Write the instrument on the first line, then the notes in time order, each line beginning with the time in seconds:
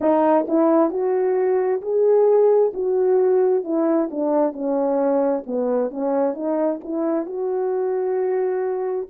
horn
0.00 D#4
0.48 E4
0.90 F#4
1.81 G#4
2.73 F#4
3.64 E4
4.10 D4
4.52 C#4
5.46 B3
5.90 C#4
6.34 D#4
6.84 E4
7.26 F#4